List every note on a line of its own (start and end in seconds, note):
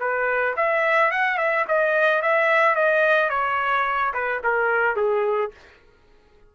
0.00 0.56 B4
0.57 1.12 E5
1.12 1.38 F#5
1.38 1.66 E5
1.68 2.22 D#5
2.22 2.76 E5
2.76 3.30 D#5
3.30 4.13 C#5
4.14 4.42 B4
4.44 4.96 A#4
4.96 5.52 G#4